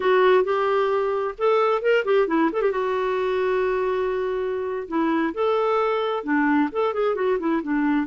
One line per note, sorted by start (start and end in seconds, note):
0.00 0.43 F#4
0.43 1.34 G4
1.38 1.81 A4
1.81 2.04 A#4
2.05 2.27 G4
2.27 2.50 E4
2.52 2.61 A4
2.61 2.71 G4
2.71 4.87 F#4
4.88 5.33 E4
5.34 6.23 A4
6.23 6.69 D4
6.71 6.93 A4
6.93 7.15 G#4
7.15 7.38 F#4
7.39 7.61 E4
7.62 8.06 D4